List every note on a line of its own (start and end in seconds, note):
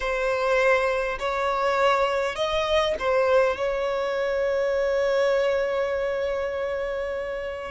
0.00 1.18 C5
1.19 2.35 C#5
2.35 2.95 D#5
2.99 3.56 C5
3.56 7.71 C#5